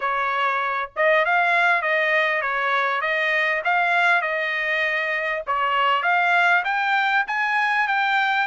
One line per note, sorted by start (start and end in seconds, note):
0.00 0.90 C#5
0.96 1.25 D#5
1.25 1.82 F5
1.82 2.41 D#5
2.41 3.01 C#5
3.01 3.61 D#5
3.64 4.21 F5
4.21 5.42 D#5
5.46 6.02 C#5
6.02 6.63 F5
6.64 7.25 G5
7.27 7.87 G#5
7.87 8.47 G5